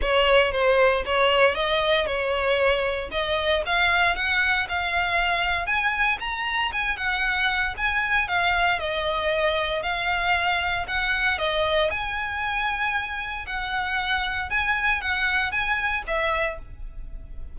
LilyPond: \new Staff \with { instrumentName = "violin" } { \time 4/4 \tempo 4 = 116 cis''4 c''4 cis''4 dis''4 | cis''2 dis''4 f''4 | fis''4 f''2 gis''4 | ais''4 gis''8 fis''4. gis''4 |
f''4 dis''2 f''4~ | f''4 fis''4 dis''4 gis''4~ | gis''2 fis''2 | gis''4 fis''4 gis''4 e''4 | }